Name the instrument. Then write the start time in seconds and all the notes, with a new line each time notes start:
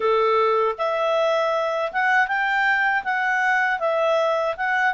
clarinet
0.00 A4
0.78 E5
1.92 F#5
2.28 G5
3.03 F#5
3.79 E5
4.56 F#5